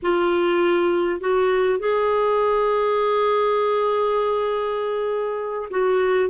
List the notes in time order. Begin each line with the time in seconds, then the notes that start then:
0.02 F4
1.20 F#4
1.79 G#4
5.70 F#4